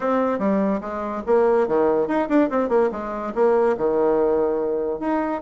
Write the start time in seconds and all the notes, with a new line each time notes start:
0.00 C4
0.38 G3
0.80 G#3
1.26 A#3
1.67 D#3
2.07 D#4
2.28 D4
2.50 C4
2.69 A#3
2.91 G#3
3.34 A#3
3.77 D#3
4.99 D#4